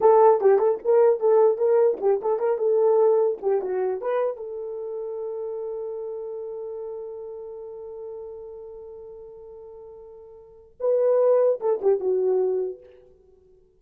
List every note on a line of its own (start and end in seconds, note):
0.01 0.41 A4
0.41 0.58 G4
0.58 0.78 A4
0.84 1.19 A#4
1.19 1.57 A4
1.57 1.97 A#4
2.01 2.21 G4
2.21 2.39 A4
2.39 2.57 A#4
2.57 3.37 A4
3.41 3.61 G4
3.61 4.01 F#4
4.01 4.36 B4
4.36 10.76 A4
10.79 11.59 B4
11.60 11.80 A4
11.81 12.00 G4
12.00 12.80 F#4